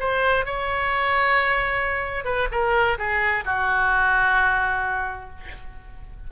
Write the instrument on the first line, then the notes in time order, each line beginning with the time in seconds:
oboe
0.00 C5
0.46 C#5
2.25 B4
2.52 A#4
2.98 G#4
3.45 F#4